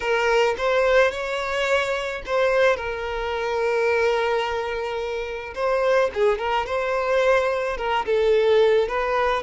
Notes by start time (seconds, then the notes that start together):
0.00 A#4
0.57 C5
1.11 C#5
2.26 C5
2.76 A#4
5.54 C5
6.14 G#4
6.38 A#4
6.66 C5
7.77 A#4
8.05 A4
8.88 B4